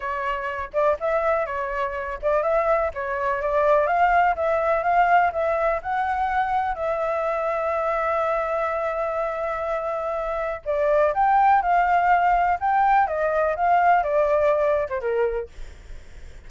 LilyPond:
\new Staff \with { instrumentName = "flute" } { \time 4/4 \tempo 4 = 124 cis''4. d''8 e''4 cis''4~ | cis''8 d''8 e''4 cis''4 d''4 | f''4 e''4 f''4 e''4 | fis''2 e''2~ |
e''1~ | e''2 d''4 g''4 | f''2 g''4 dis''4 | f''4 d''4.~ d''16 c''16 ais'4 | }